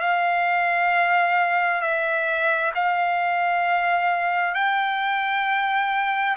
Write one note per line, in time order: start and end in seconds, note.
0.00 1.81 F5
1.81 2.72 E5
2.75 4.54 F5
4.54 6.36 G5